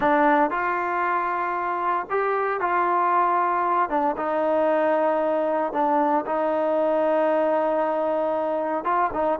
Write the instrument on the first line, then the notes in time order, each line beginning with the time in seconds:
trombone
0.00 D4
0.50 F4
2.10 G4
2.60 F4
3.89 D4
4.16 D#4
5.72 D4
6.26 D#4
8.84 F4
9.13 D#4